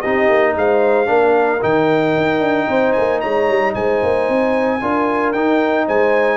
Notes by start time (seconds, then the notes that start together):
0.00 C4 D#4 G4 D#5
0.28 A#3
0.55 G#3 C5 F5
1.06 A#3 D4 A#4
1.61 D#3 D#4 G5
2.17 D#4
2.40 D4
2.68 C4 C5
2.93 A#3 G#5
3.20 G#3 C#5 A#5
3.48 G3
3.74 G#3 C5 G#5
4.02 A#3
4.28 C4
4.81 D4 F4 A#4
5.32 D#4 G5
5.86 G#3 C5 G#5